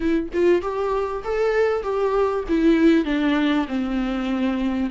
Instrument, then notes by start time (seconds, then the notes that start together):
viola
0.00 E4
0.33 F4
0.61 G4
1.24 A4
1.83 G4
2.48 E4
3.04 D4
3.67 C4